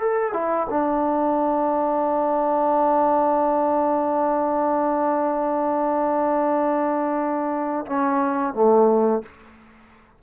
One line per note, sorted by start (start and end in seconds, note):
0.00 0.33 A4
0.33 0.68 E4
0.70 7.86 D4
7.86 8.54 C#4
8.54 9.22 A3